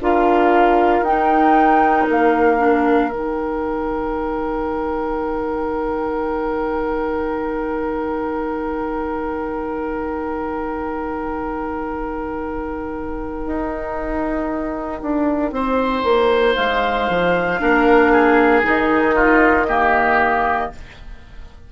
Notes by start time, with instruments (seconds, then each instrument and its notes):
0.00 bassoon D4, clarinet F4, oboe A#4, flute F5
1.01 bassoon D#4, clarinet D#4, flute G5
2.09 bassoon A#3, flute F5
2.58 clarinet D4
3.11 bassoon D#3, clarinet D#4, flute G5
13.46 bassoon D#4
15.02 bassoon D4
15.52 bassoon C4, oboe C5
16.03 bassoon A#3
16.55 bassoon G#3, flute F5
17.09 bassoon F3
17.59 bassoon A#3, clarinet D4, oboe A#4
18.12 oboe G#4
18.63 bassoon D#3, clarinet D#4, flute D#5
19.15 oboe F4
19.68 clarinet A#3, oboe G4